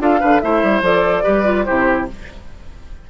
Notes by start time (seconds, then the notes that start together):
0.00 D4 F4 A4 F5
0.20 D3 D4 B4
0.41 A3 E4 C5 E5
0.63 G3
0.82 F3 A4 D5
1.24 G3 G4 B4
1.45 F4
1.64 C3 E4 G4 C5